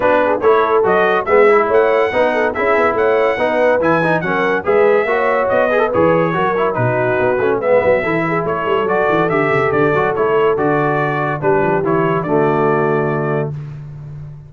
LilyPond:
<<
  \new Staff \with { instrumentName = "trumpet" } { \time 4/4 \tempo 4 = 142 b'4 cis''4 dis''4 e''4 | fis''2 e''4 fis''4~ | fis''4 gis''4 fis''4 e''4~ | e''4 dis''4 cis''2 |
b'2 e''2 | cis''4 d''4 e''4 d''4 | cis''4 d''2 b'4 | cis''4 d''2. | }
  \new Staff \with { instrumentName = "horn" } { \time 4/4 fis'8 gis'8 a'2 gis'4 | cis''4 b'8 a'8 gis'4 cis''4 | b'2 ais'4 b'4 | cis''4. b'4. ais'4 |
fis'2 b'4 a'8 gis'8 | a'1~ | a'2. g'4~ | g'4 fis'2. | }
  \new Staff \with { instrumentName = "trombone" } { \time 4/4 d'4 e'4 fis'4 b8 e'8~ | e'4 dis'4 e'2 | dis'4 e'8 dis'8 cis'4 gis'4 | fis'4. gis'16 a'16 gis'4 fis'8 e'8 |
dis'4. cis'8 b4 e'4~ | e'4 fis'4 g'4. fis'8 | e'4 fis'2 d'4 | e'4 a2. | }
  \new Staff \with { instrumentName = "tuba" } { \time 4/4 b4 a4 fis4 gis4 | a4 b4 cis'8 b8 a4 | b4 e4 fis4 gis4 | ais4 b4 e4 fis4 |
b,4 b8 a8 gis8 fis8 e4 | a8 g8 fis8 e8 d8 cis8 d8 fis8 | a4 d2 g8 f8 | e4 d2. | }
>>